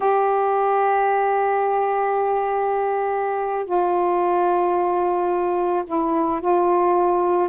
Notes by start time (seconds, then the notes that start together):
0.00 G4
3.65 F4
5.86 E4
6.40 F4